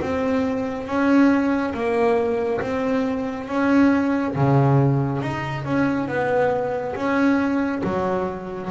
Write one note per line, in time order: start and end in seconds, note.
0.00 0.87 C4
0.87 1.74 C#4
1.74 2.60 A#3
2.60 3.47 C4
3.47 4.34 C#4
4.35 5.21 C#3
5.21 5.64 D#4
5.64 6.08 C#4
6.08 6.94 B3
6.95 7.82 C#4
7.83 8.70 F#3